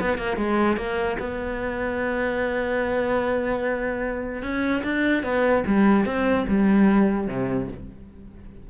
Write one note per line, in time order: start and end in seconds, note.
0.00 0.18 B3
0.18 0.36 A#3
0.36 0.77 G#3
0.77 1.17 A#3
1.19 4.42 B3
4.42 4.83 C#4
4.84 5.23 D4
5.23 5.64 B3
5.66 6.05 G3
6.05 6.46 C4
6.48 7.27 G3
7.27 7.68 C3